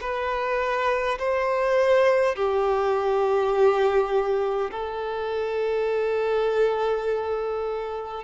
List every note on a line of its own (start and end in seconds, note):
0.00 1.18 B4
1.18 2.35 C5
2.35 4.71 G4
4.71 8.24 A4